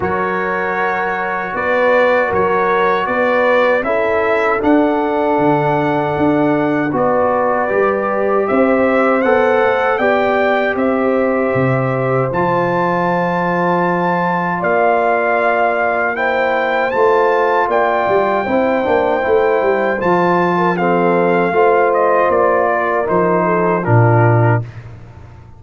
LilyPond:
<<
  \new Staff \with { instrumentName = "trumpet" } { \time 4/4 \tempo 4 = 78 cis''2 d''4 cis''4 | d''4 e''4 fis''2~ | fis''4 d''2 e''4 | fis''4 g''4 e''2 |
a''2. f''4~ | f''4 g''4 a''4 g''4~ | g''2 a''4 f''4~ | f''8 dis''8 d''4 c''4 ais'4 | }
  \new Staff \with { instrumentName = "horn" } { \time 4/4 ais'2 b'4 ais'4 | b'4 a'2.~ | a'4 b'2 c''4~ | c''4 d''4 c''2~ |
c''2. d''4~ | d''4 c''2 d''4 | c''2~ c''8. ais'16 a'4 | c''4. ais'4 a'8 f'4 | }
  \new Staff \with { instrumentName = "trombone" } { \time 4/4 fis'1~ | fis'4 e'4 d'2~ | d'4 fis'4 g'2 | a'4 g'2. |
f'1~ | f'4 e'4 f'2 | e'8 d'8 e'4 f'4 c'4 | f'2 dis'4 d'4 | }
  \new Staff \with { instrumentName = "tuba" } { \time 4/4 fis2 b4 fis4 | b4 cis'4 d'4 d4 | d'4 b4 g4 c'4 | b8 a8 b4 c'4 c4 |
f2. ais4~ | ais2 a4 ais8 g8 | c'8 ais8 a8 g8 f2 | a4 ais4 f4 ais,4 | }
>>